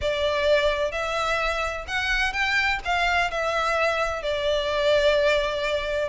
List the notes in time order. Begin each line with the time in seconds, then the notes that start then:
0.01 D5
0.91 E5
1.87 F#5
2.32 G5
2.84 F5
3.30 E5
4.22 D5